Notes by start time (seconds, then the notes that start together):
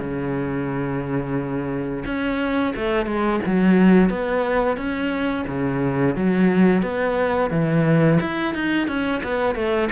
0.00 C#3
2.06 C#4
2.76 A3
3.07 G#3
3.46 F#3
4.10 B3
4.77 C#4
5.48 C#3
6.16 F#3
6.83 B3
7.51 E3
8.21 E4
8.55 D#4
8.88 C#4
9.24 B3
9.55 A3